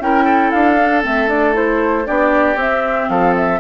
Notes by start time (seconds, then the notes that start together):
0.00 C#4 E4 A#4 G5
0.24 A4
0.51 D4 F5
0.77 D4
1.03 A3 C4 E5
1.28 D4 D5
1.53 E4 C5
2.05 B3 D4 G4 D5
2.56 C4 E5
3.09 F3 A4 F5
3.36 E5